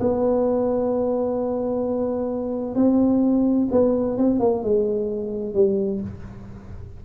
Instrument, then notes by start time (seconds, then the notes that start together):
tuba
0.00 B3
2.75 C4
3.71 B3
4.18 C4
4.40 A#3
4.63 G#3
5.54 G3